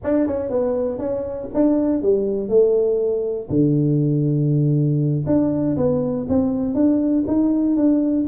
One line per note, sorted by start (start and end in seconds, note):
0.03 0.26 D4
0.26 0.49 C#4
0.49 0.98 B3
0.98 1.48 C#4
1.53 2.01 D4
2.01 2.49 G3
2.49 3.49 A3
3.49 5.24 D3
5.26 5.76 D4
5.76 6.26 B3
6.28 6.74 C4
6.74 7.24 D4
7.27 7.76 D#4
7.76 8.26 D4